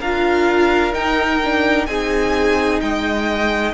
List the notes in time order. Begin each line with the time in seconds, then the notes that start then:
0.00 D4 F4 A#4 F5
0.93 D#4 G5
1.45 D4
1.86 C4 D#4 G#4 G#5
2.81 G#3 D#5 G5